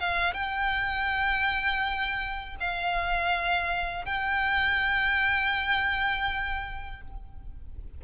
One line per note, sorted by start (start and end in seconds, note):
0.00 0.34 F5
0.34 2.56 G5
2.60 4.05 F5
4.05 7.01 G5